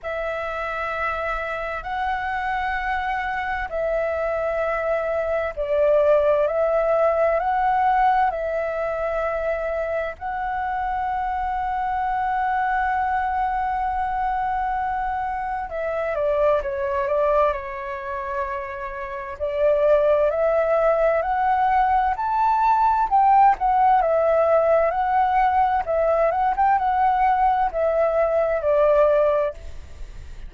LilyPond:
\new Staff \with { instrumentName = "flute" } { \time 4/4 \tempo 4 = 65 e''2 fis''2 | e''2 d''4 e''4 | fis''4 e''2 fis''4~ | fis''1~ |
fis''4 e''8 d''8 cis''8 d''8 cis''4~ | cis''4 d''4 e''4 fis''4 | a''4 g''8 fis''8 e''4 fis''4 | e''8 fis''16 g''16 fis''4 e''4 d''4 | }